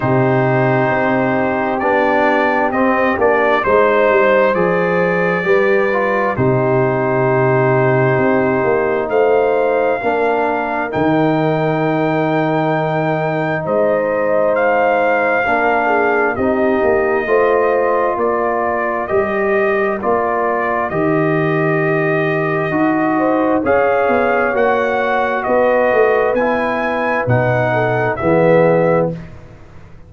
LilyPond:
<<
  \new Staff \with { instrumentName = "trumpet" } { \time 4/4 \tempo 4 = 66 c''2 d''4 dis''8 d''8 | c''4 d''2 c''4~ | c''2 f''2 | g''2. dis''4 |
f''2 dis''2 | d''4 dis''4 d''4 dis''4~ | dis''2 f''4 fis''4 | dis''4 gis''4 fis''4 e''4 | }
  \new Staff \with { instrumentName = "horn" } { \time 4/4 g'1 | c''2 b'4 g'4~ | g'2 c''4 ais'4~ | ais'2. c''4~ |
c''4 ais'8 gis'8 g'4 c''4 | ais'1~ | ais'4. c''8 cis''2 | b'2~ b'8 a'8 gis'4 | }
  \new Staff \with { instrumentName = "trombone" } { \time 4/4 dis'2 d'4 c'8 d'8 | dis'4 gis'4 g'8 f'8 dis'4~ | dis'2. d'4 | dis'1~ |
dis'4 d'4 dis'4 f'4~ | f'4 g'4 f'4 g'4~ | g'4 fis'4 gis'4 fis'4~ | fis'4 e'4 dis'4 b4 | }
  \new Staff \with { instrumentName = "tuba" } { \time 4/4 c4 c'4 b4 c'8 ais8 | gis8 g8 f4 g4 c4~ | c4 c'8 ais8 a4 ais4 | dis2. gis4~ |
gis4 ais4 c'8 ais8 a4 | ais4 g4 ais4 dis4~ | dis4 dis'4 cis'8 b8 ais4 | b8 a8 b4 b,4 e4 | }
>>